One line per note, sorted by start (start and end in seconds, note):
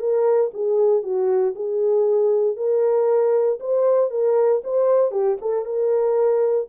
0.00 0.51 A#4
0.54 1.03 G#4
1.03 1.55 F#4
1.56 2.57 G#4
2.57 3.59 A#4
3.60 4.11 C5
4.11 4.62 A#4
4.64 5.12 C5
5.12 5.38 G4
5.41 5.65 A4
5.65 6.68 A#4